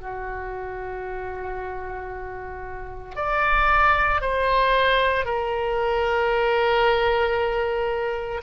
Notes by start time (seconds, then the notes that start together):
0.00 F#4
3.16 D5
4.21 C5
5.25 A#4